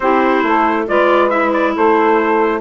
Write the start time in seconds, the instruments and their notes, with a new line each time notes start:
0.00 bassoon C4, clarinet E4, saxophone G4, trumpet C5
0.42 bassoon A3, saxophone A4
0.87 bassoon G#3, clarinet F4, saxophone B4, trumpet D5
1.30 clarinet E4, trumpet E5
1.53 trumpet D5
1.74 bassoon A3, saxophone A4, trumpet C5